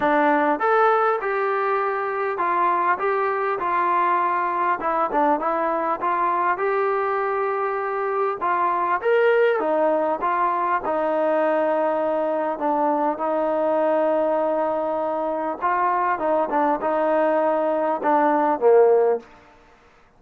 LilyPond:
\new Staff \with { instrumentName = "trombone" } { \time 4/4 \tempo 4 = 100 d'4 a'4 g'2 | f'4 g'4 f'2 | e'8 d'8 e'4 f'4 g'4~ | g'2 f'4 ais'4 |
dis'4 f'4 dis'2~ | dis'4 d'4 dis'2~ | dis'2 f'4 dis'8 d'8 | dis'2 d'4 ais4 | }